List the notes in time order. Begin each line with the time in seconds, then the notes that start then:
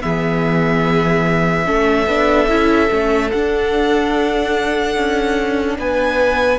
0.00 E3 B3 G#4 E5
1.65 A3 C#4 A4
2.06 B3 D4
2.48 C#4 E4
2.90 A3 C#4
3.31 D4 F#5
4.97 C#4
5.78 B3 B4 G#5